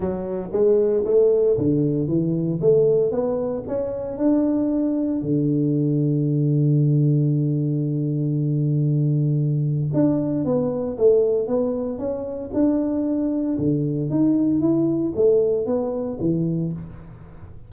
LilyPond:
\new Staff \with { instrumentName = "tuba" } { \time 4/4 \tempo 4 = 115 fis4 gis4 a4 d4 | e4 a4 b4 cis'4 | d'2 d2~ | d1~ |
d2. d'4 | b4 a4 b4 cis'4 | d'2 d4 dis'4 | e'4 a4 b4 e4 | }